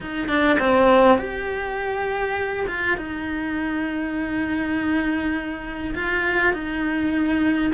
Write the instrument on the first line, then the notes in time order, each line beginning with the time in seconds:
cello
0.01 D#4
0.28 D4
0.59 C4
1.17 G4
2.67 F4
2.97 D#4
5.94 F4
6.53 D#4